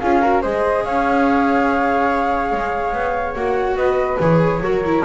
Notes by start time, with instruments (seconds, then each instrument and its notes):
0.00 double bass C#4, viola F4, flute G#4 F5
0.21 viola F#4, flute A#4
0.42 double bass G#3, viola G#4, flute C5 D#5
0.84 double bass C#4, flute C#5 F5
2.52 double bass G#3
2.93 double bass B3
3.35 double bass A#3, viola F#4, flute F#5
3.75 double bass B3, flute B4 D#5
4.20 double bass E3, viola G#4, flute C#5
4.60 double bass F#3, viola F#4, flute A#4
4.85 viola E4